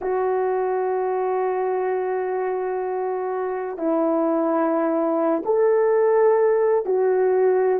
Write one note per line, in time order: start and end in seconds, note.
0.01 3.77 F#4
3.77 5.42 E4
5.45 6.85 A4
6.85 7.80 F#4